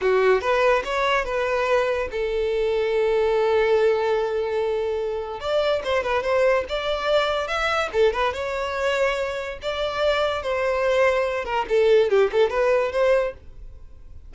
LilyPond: \new Staff \with { instrumentName = "violin" } { \time 4/4 \tempo 4 = 144 fis'4 b'4 cis''4 b'4~ | b'4 a'2.~ | a'1~ | a'4 d''4 c''8 b'8 c''4 |
d''2 e''4 a'8 b'8 | cis''2. d''4~ | d''4 c''2~ c''8 ais'8 | a'4 g'8 a'8 b'4 c''4 | }